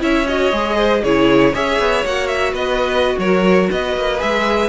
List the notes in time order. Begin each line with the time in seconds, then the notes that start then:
0.00 C#4 E4 C#5 E5
0.28 F#4 D#5
0.53 G#3 G#4
0.78 C5
1.04 C#3 E4 G#4 C#5
1.54 C#4 G#4 C#5 E5
1.80 B3
2.06 A#3 F#4 F#5
2.28 E5
2.53 B3 B4 D#5
3.19 F#3 A#4 C#5
3.72 B3 B4 D#5
3.97 A#3
4.18 G#3 G#4 E5